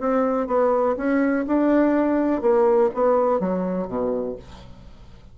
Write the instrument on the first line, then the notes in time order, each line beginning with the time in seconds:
bassoon
0.00 C4
0.47 B3
0.97 C#4
1.47 D4
2.41 A#3
2.95 B3
3.40 F#3
3.88 B2